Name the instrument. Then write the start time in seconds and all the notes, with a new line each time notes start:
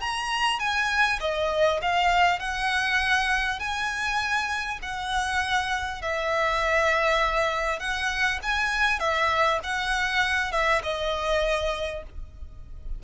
violin
0.00 A#5
0.59 G#5
1.20 D#5
1.82 F5
2.39 F#5
3.59 G#5
4.82 F#5
6.01 E5
7.79 F#5
8.42 G#5
8.99 E5
9.63 F#5
10.51 E5
10.83 D#5